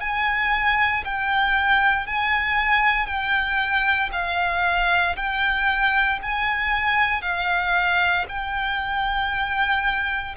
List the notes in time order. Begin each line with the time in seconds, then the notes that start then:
0.00 G#5
1.04 G5
2.06 G#5
3.07 G5
4.12 F5
5.16 G5
6.22 G#5
7.22 F5
8.29 G5